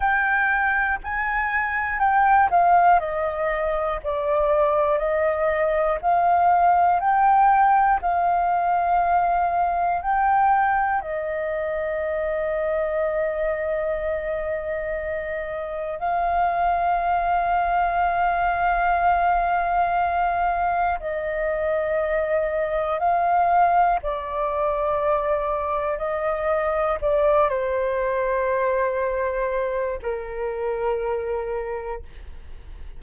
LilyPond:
\new Staff \with { instrumentName = "flute" } { \time 4/4 \tempo 4 = 60 g''4 gis''4 g''8 f''8 dis''4 | d''4 dis''4 f''4 g''4 | f''2 g''4 dis''4~ | dis''1 |
f''1~ | f''4 dis''2 f''4 | d''2 dis''4 d''8 c''8~ | c''2 ais'2 | }